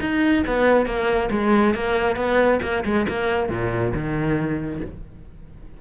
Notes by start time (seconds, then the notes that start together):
0.00 D#4
0.46 B3
0.86 A#3
1.31 G#3
1.74 A#3
2.16 B3
2.62 A#3
2.84 G#3
3.08 A#3
3.49 A#2
3.93 D#3